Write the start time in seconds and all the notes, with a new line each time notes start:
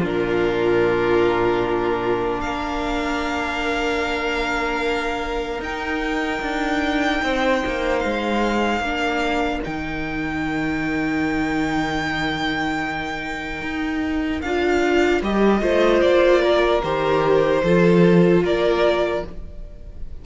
0.00 A#2 D4 F4 A#4
2.41 A#3 A#4 F5
5.60 D#4 G5
6.41 D4
7.22 C4 C5
7.66 A#3
7.99 G#3 F5
8.80 A#3 D4 A#4
9.62 D#3 D#4 G5
13.62 D#4
14.41 D4 F4 F5
15.22 G3 G4 D#5
15.62 A3 F4 C5
16.01 A#3 D5
16.42 A#4
16.83 D#3 G4 C5
17.63 F3 F4 A4
18.42 A#3 A#4 D5